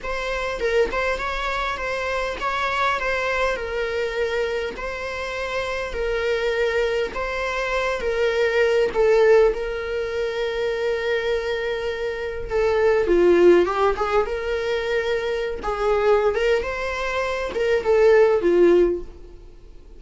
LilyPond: \new Staff \with { instrumentName = "viola" } { \time 4/4 \tempo 4 = 101 c''4 ais'8 c''8 cis''4 c''4 | cis''4 c''4 ais'2 | c''2 ais'2 | c''4. ais'4. a'4 |
ais'1~ | ais'4 a'4 f'4 g'8 gis'8 | ais'2~ ais'16 gis'4~ gis'16 ais'8 | c''4. ais'8 a'4 f'4 | }